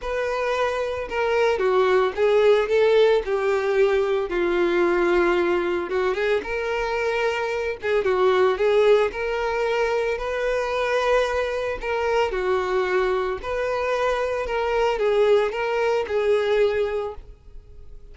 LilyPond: \new Staff \with { instrumentName = "violin" } { \time 4/4 \tempo 4 = 112 b'2 ais'4 fis'4 | gis'4 a'4 g'2 | f'2. fis'8 gis'8 | ais'2~ ais'8 gis'8 fis'4 |
gis'4 ais'2 b'4~ | b'2 ais'4 fis'4~ | fis'4 b'2 ais'4 | gis'4 ais'4 gis'2 | }